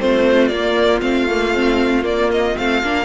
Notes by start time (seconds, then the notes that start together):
0.00 A3 C4 F4 C5
0.48 A#3 D5
1.02 A3 C4 F5
1.30 A#3
1.54 C4
2.03 A#3 D5
2.32 D#5
2.57 A3 C4 F5
2.83 A#3 D4